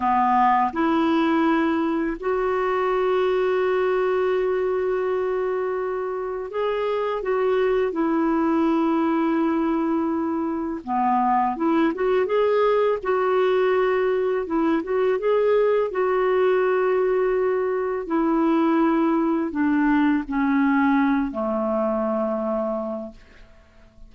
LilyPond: \new Staff \with { instrumentName = "clarinet" } { \time 4/4 \tempo 4 = 83 b4 e'2 fis'4~ | fis'1~ | fis'4 gis'4 fis'4 e'4~ | e'2. b4 |
e'8 fis'8 gis'4 fis'2 | e'8 fis'8 gis'4 fis'2~ | fis'4 e'2 d'4 | cis'4. a2~ a8 | }